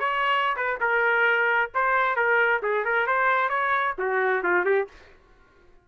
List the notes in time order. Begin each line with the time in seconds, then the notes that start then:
0.00 C#5
0.57 B4
0.81 A#4
1.75 C5
2.16 A#4
2.63 G#4
2.85 A#4
3.07 C5
3.50 C#5
3.99 F#4
4.44 F4
4.66 G4